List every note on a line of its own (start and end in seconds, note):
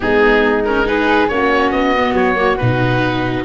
0.00 1.30 G#3
0.00 0.64 B3
0.00 0.87 D#4
0.00 0.62 G#4
0.65 0.85 C#4
0.65 0.86 A#4
0.85 1.28 D#4
0.85 1.30 G#4
0.85 1.28 B4
1.28 1.72 A#3
1.28 1.96 C#4
1.28 3.45 F#4
1.28 1.71 C#5
1.71 2.13 B3
1.71 2.14 D#5
1.96 2.35 B3
2.13 2.56 F#3
2.13 2.57 C#5
2.35 2.57 A#3
2.57 3.45 B2
2.57 3.45 D#4
2.57 3.43 B4